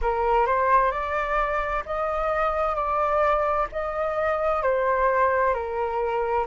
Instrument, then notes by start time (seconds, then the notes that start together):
flute
0.01 A#4
0.46 C5
0.91 D5
1.85 D#5
2.74 D5
3.72 D#5
4.62 C5
5.53 A#4